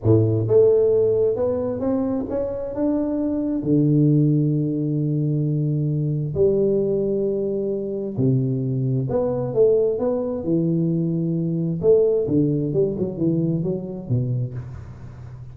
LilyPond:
\new Staff \with { instrumentName = "tuba" } { \time 4/4 \tempo 4 = 132 a,4 a2 b4 | c'4 cis'4 d'2 | d1~ | d2 g2~ |
g2 c2 | b4 a4 b4 e4~ | e2 a4 d4 | g8 fis8 e4 fis4 b,4 | }